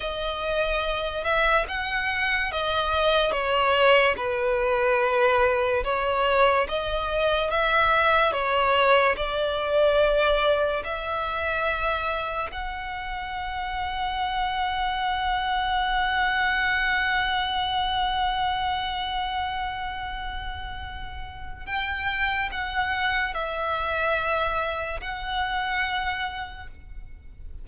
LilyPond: \new Staff \with { instrumentName = "violin" } { \time 4/4 \tempo 4 = 72 dis''4. e''8 fis''4 dis''4 | cis''4 b'2 cis''4 | dis''4 e''4 cis''4 d''4~ | d''4 e''2 fis''4~ |
fis''1~ | fis''1~ | fis''2 g''4 fis''4 | e''2 fis''2 | }